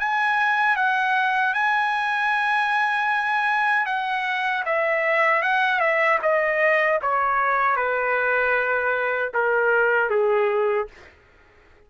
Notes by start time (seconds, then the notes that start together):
0.00 G#5
0.77 F#5
1.54 G#5
3.86 F#5
4.65 E5
5.43 F#5
5.80 E5
6.22 D#5
7.02 C#5
7.76 B4
9.34 A#4
10.10 G#4